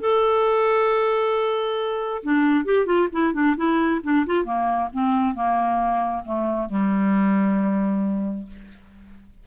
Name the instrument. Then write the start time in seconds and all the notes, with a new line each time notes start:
clarinet
0.00 A4
2.23 D4
2.65 G4
2.85 F4
3.12 E4
3.33 D4
3.56 E4
4.03 D4
4.26 F4
4.44 A#3
4.93 C4
5.34 A#3
6.24 A3
6.68 G3